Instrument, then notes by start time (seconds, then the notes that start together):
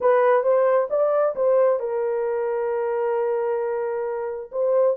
horn
0.00 B4
0.43 C5
0.90 D5
1.35 C5
1.79 A#4
4.51 C5